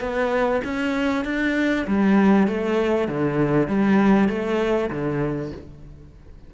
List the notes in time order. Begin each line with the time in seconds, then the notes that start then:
0.00 B3
0.64 C#4
1.24 D4
1.87 G3
2.47 A3
3.08 D3
3.68 G3
4.29 A3
4.90 D3